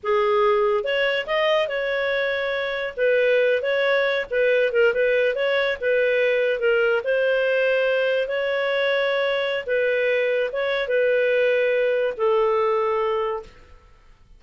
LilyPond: \new Staff \with { instrumentName = "clarinet" } { \time 4/4 \tempo 4 = 143 gis'2 cis''4 dis''4 | cis''2. b'4~ | b'8. cis''4. b'4 ais'8 b'16~ | b'8. cis''4 b'2 ais'16~ |
ais'8. c''2. cis''16~ | cis''2. b'4~ | b'4 cis''4 b'2~ | b'4 a'2. | }